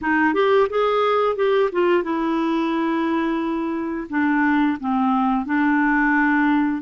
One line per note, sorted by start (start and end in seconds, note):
0.01 0.34 D#4
0.34 0.68 G4
0.69 1.36 G#4
1.36 1.70 G4
1.72 2.03 F4
2.03 4.07 E4
4.09 4.78 D4
4.79 5.45 C4
5.45 6.82 D4